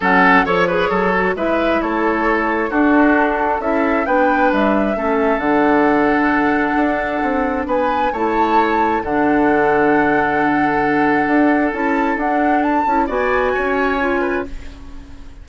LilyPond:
<<
  \new Staff \with { instrumentName = "flute" } { \time 4/4 \tempo 4 = 133 fis''4 cis''2 e''4 | cis''2 a'2 | e''4 g''4 e''2 | fis''1~ |
fis''4 gis''4 a''2 | fis''1~ | fis''2 a''4 fis''4 | a''4 gis''2. | }
  \new Staff \with { instrumentName = "oboe" } { \time 4/4 a'4 cis''8 b'8 a'4 b'4 | a'2 fis'2 | a'4 b'2 a'4~ | a'1~ |
a'4 b'4 cis''2 | a'1~ | a'1~ | a'4 d''4 cis''4. b'8 | }
  \new Staff \with { instrumentName = "clarinet" } { \time 4/4 cis'4 a'8 gis'4 fis'8 e'4~ | e'2 d'2 | e'4 d'2 cis'4 | d'1~ |
d'2 e'2 | d'1~ | d'2 e'4 d'4~ | d'8 e'8 fis'2 f'4 | }
  \new Staff \with { instrumentName = "bassoon" } { \time 4/4 fis4 f4 fis4 gis4 | a2 d'2 | cis'4 b4 g4 a4 | d2. d'4 |
c'4 b4 a2 | d1~ | d4 d'4 cis'4 d'4~ | d'8 cis'8 b4 cis'2 | }
>>